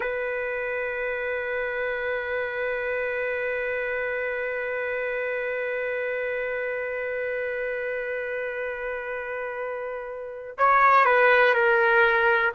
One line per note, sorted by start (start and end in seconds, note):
0.00 10.57 B4
10.57 11.05 C#5
11.05 11.54 B4
11.54 12.52 A#4